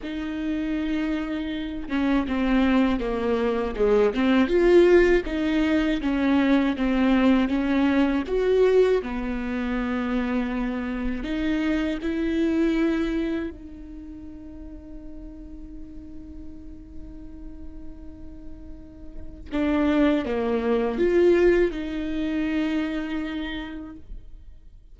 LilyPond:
\new Staff \with { instrumentName = "viola" } { \time 4/4 \tempo 4 = 80 dis'2~ dis'8 cis'8 c'4 | ais4 gis8 c'8 f'4 dis'4 | cis'4 c'4 cis'4 fis'4 | b2. dis'4 |
e'2 dis'2~ | dis'1~ | dis'2 d'4 ais4 | f'4 dis'2. | }